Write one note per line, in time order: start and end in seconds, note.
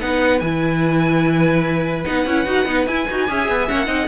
0.00 0.41 B3
0.00 0.41 D#4
0.00 3.28 B4
0.00 0.39 F#5
0.39 2.04 E3
0.39 2.05 E4
0.39 2.02 G#5
2.05 2.26 B3
2.05 2.26 D#4
2.05 2.87 F#5
2.26 2.45 C#4
2.26 2.46 E4
2.45 2.66 D#4
2.45 2.66 F#4
2.66 2.86 B3
2.66 2.86 D#4
2.86 3.06 E4
2.86 3.09 E4
2.86 3.68 G#5
3.10 3.29 D#4
3.10 3.27 F#4
3.27 3.48 C#4
3.27 3.68 G#4
3.27 3.86 E5
3.48 3.68 B3
3.68 3.87 A#3
3.68 3.86 C#4
3.68 4.08 F#5
3.86 4.07 C4
3.86 4.07 D#4
3.86 4.07 D#5